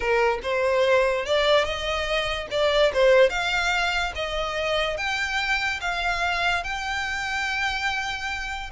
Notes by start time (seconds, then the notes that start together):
0.00 A#4
0.43 C5
1.25 D5
1.64 D#5
2.50 D5
2.93 C5
3.29 F5
4.15 D#5
4.97 G5
5.80 F5
6.63 G5